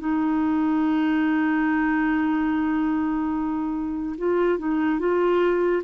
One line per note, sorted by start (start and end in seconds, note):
0.00 4.17 D#4
4.18 4.59 F4
4.59 5.00 D#4
5.00 5.83 F4